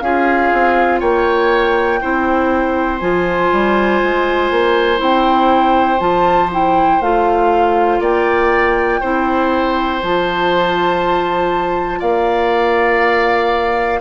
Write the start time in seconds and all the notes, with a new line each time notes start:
0.00 C#4 F4 G#4 F5
0.53 C4
1.00 A#3 C#5 G5
2.01 C4 E4 C5
2.99 F3 F4 G#5
3.52 G3
4.03 G#3
4.51 A#3
4.97 C4 E4 G5
5.99 F3 F4 A5
6.51 E4 G5
7.00 A3 F4 F5
8.00 A#3 D5 G5
9.01 C4 E4 C5
10.02 F3 F4 A5
12.00 A#3 D5 F5